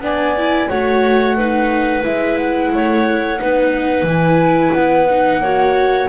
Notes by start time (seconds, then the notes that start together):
0.00 B3 D4 D5 G#5
0.37 E4
0.68 A3 F#4 C#5 F#5
1.37 D#4 B4
2.02 G#3 E4 E5
2.37 F#5
2.72 A3 C#5
3.39 B3 D#4 B4
4.02 E3 E4
4.10 G#5
4.73 B3 F#5
5.10 D#4
5.39 A#3 F#4 C#5